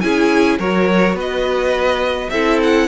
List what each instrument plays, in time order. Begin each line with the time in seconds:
0.00 cello C#4, viola E4, violin G#4 G#5
0.59 cello F#3, viola F#4, violin A#4 C#5
1.13 cello B3, violin B4
1.20 violin D#5
2.30 cello C4, viola E4, violin A4 E5
2.62 violin F#5